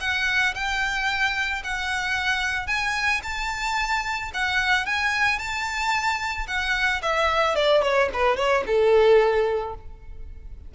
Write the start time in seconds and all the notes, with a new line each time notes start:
0.00 F#5
0.54 G5
1.64 F#5
2.67 G#5
3.23 A5
4.33 F#5
4.86 G#5
5.38 A5
6.47 F#5
7.02 E5
7.55 D5
7.82 C#5
8.13 B4
8.37 C#5
8.66 A4